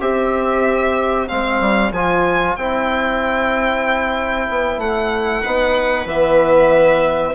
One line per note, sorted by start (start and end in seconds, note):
0.00 1.28 C4
0.00 1.28 G4
0.00 5.41 C5
0.00 1.28 E5
1.28 1.60 G#3
1.28 1.92 C4
1.28 1.91 F5
1.60 1.91 G3
1.91 2.55 F3
1.91 2.59 F4
1.91 2.56 G#5
2.56 4.48 C4
2.56 5.43 E4
2.56 4.79 G5
4.49 4.78 B3
4.78 5.42 A3
4.78 6.07 F#5
5.41 6.05 B3
5.41 6.06 D#4
5.41 7.32 B4
6.05 7.33 E3
6.05 7.34 B3
6.05 7.34 E5